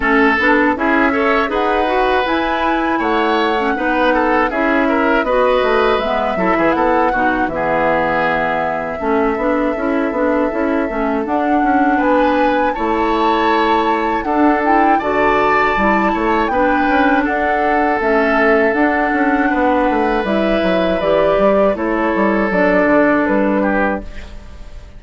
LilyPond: <<
  \new Staff \with { instrumentName = "flute" } { \time 4/4 \tempo 4 = 80 a'4 e''4 fis''4 gis''4 | fis''2 e''4 dis''4 | e''4 fis''4 e''2~ | e''2. fis''4 |
gis''4 a''2 fis''8 g''8 | a''2 g''4 fis''4 | e''4 fis''2 e''4 | d''4 cis''4 d''4 b'4 | }
  \new Staff \with { instrumentName = "oboe" } { \time 4/4 a'4 gis'8 cis''8 b'2 | cis''4 b'8 a'8 gis'8 ais'8 b'4~ | b'8 a'16 gis'16 a'8 fis'8 gis'2 | a'1 |
b'4 cis''2 a'4 | d''4. cis''8 b'4 a'4~ | a'2 b'2~ | b'4 a'2~ a'8 g'8 | }
  \new Staff \with { instrumentName = "clarinet" } { \time 4/4 cis'8 d'8 e'8 a'8 gis'8 fis'8 e'4~ | e'8. cis'16 dis'4 e'4 fis'4 | b8 e'4 dis'8 b2 | cis'8 d'8 e'8 d'8 e'8 cis'8 d'4~ |
d'4 e'2 d'8 e'8 | fis'4 e'4 d'2 | cis'4 d'2 e'4 | g'4 e'4 d'2 | }
  \new Staff \with { instrumentName = "bassoon" } { \time 4/4 a8 b8 cis'4 dis'4 e'4 | a4 b4 cis'4 b8 a8 | gis8 fis16 e16 b8 b,8 e2 | a8 b8 cis'8 b8 cis'8 a8 d'8 cis'8 |
b4 a2 d'4 | d4 g8 a8 b8 cis'8 d'4 | a4 d'8 cis'8 b8 a8 g8 fis8 | e8 g8 a8 g8 fis8 d8 g4 | }
>>